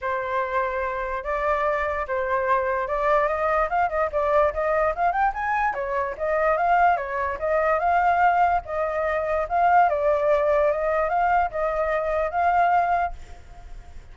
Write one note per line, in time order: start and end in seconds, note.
0.01 1.23 C5
1.23 2.05 D5
2.07 2.87 C5
2.87 3.27 D5
3.27 3.69 D#5
3.69 3.89 F5
3.89 4.09 D#5
4.12 4.53 D5
4.53 4.94 D#5
4.95 5.12 F5
5.12 5.32 G5
5.33 5.74 G#5
5.74 6.15 C#5
6.17 6.57 D#5
6.57 6.97 F5
6.97 7.38 C#5
7.39 7.79 D#5
7.79 8.61 F5
8.65 9.47 D#5
9.48 9.89 F5
9.89 10.71 D5
10.71 11.09 D#5
11.09 11.50 F5
11.50 12.30 D#5
12.30 13.12 F5